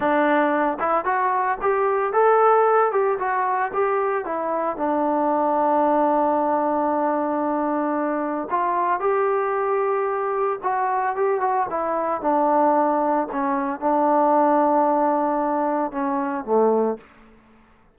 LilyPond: \new Staff \with { instrumentName = "trombone" } { \time 4/4 \tempo 4 = 113 d'4. e'8 fis'4 g'4 | a'4. g'8 fis'4 g'4 | e'4 d'2.~ | d'1 |
f'4 g'2. | fis'4 g'8 fis'8 e'4 d'4~ | d'4 cis'4 d'2~ | d'2 cis'4 a4 | }